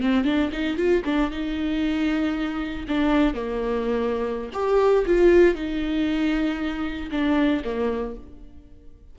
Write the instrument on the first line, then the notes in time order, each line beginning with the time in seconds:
viola
0.00 C4
0.24 D4
0.51 D#4
0.76 F4
1.04 D4
1.30 D#4
2.88 D4
3.34 A#3
4.53 G4
5.05 F4
5.54 D#4
7.11 D4
7.64 A#3